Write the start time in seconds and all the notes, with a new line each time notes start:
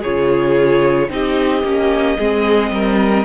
0.00 C#3 F4 G#4 C#5
1.08 C4 D#4 G4 D#5
1.63 A#3 C#4
2.18 G#3 C4 G#4
2.71 G3 A#4